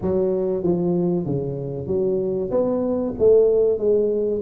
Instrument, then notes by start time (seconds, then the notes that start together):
tuba
0.01 F#3
0.63 F3
1.26 C#3
1.87 F#3
2.51 B3
3.18 A3
3.78 G#3